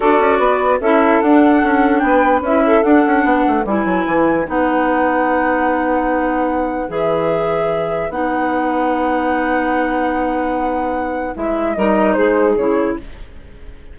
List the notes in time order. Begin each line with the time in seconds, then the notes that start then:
0.00 D4 F#4 A4 D5
0.19 C#4
0.38 B3 B4
0.80 C#4 E4 A4 E5
1.21 D4 F#5
1.63 C#4
1.99 B3 B4 G5
2.40 C#4 E4 E5
2.64 A4
2.83 D4 F#5
3.07 C#4
3.24 B3 B4
3.47 A3
3.65 G3 E4 G#5
3.85 F#3
4.06 E3
4.45 B3 D#4 F#5
6.88 E3 G#4 E5
8.09 B3 D#4 F#5
11.34 G#3 E4 E5
11.75 G3 D#4 A#4 D#5
12.13 G#3 G#4 C5
12.56 C#3 E4 C#5